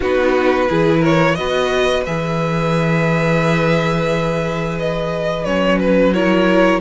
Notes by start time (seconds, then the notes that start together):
0.00 B3 D#4 F#4 B4
0.68 E3 E4 G#4
1.00 A#4 C#5
1.34 B3 F#4 B4 D#5
2.05 E3 G#4 E5
4.79 D#5
5.44 F#3 C#4 C#5
5.80 B4
6.12 E4 A#4 C#5